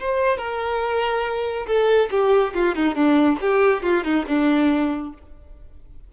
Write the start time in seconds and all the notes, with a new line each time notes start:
0.00 C5
0.38 A#4
1.67 A4
2.11 G4
2.54 F4
2.75 D#4
2.95 D4
3.41 G4
3.83 F4
4.04 D#4
4.28 D4